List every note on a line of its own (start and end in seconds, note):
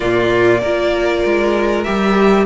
0.00 0.62 A#2
0.00 0.60 A#3
0.00 0.60 F4
0.00 1.83 D5
0.60 1.23 A#3
0.60 1.85 F4
0.60 2.46 A#4
1.24 1.86 G#3
1.83 2.46 G3
1.83 2.46 G4
1.83 2.45 E5